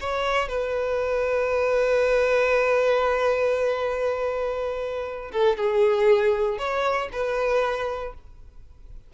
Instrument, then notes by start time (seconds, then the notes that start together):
violin
0.00 C#5
0.48 B4
5.31 A4
5.57 G#4
6.58 C#5
7.12 B4